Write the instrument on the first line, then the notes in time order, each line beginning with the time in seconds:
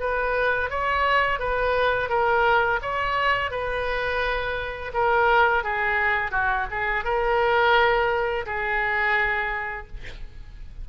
oboe
0.00 B4
0.70 C#5
1.39 B4
2.09 A#4
2.82 C#5
3.50 B4
4.93 A#4
5.63 G#4
6.31 F#4
6.71 G#4
7.04 A#4
8.46 G#4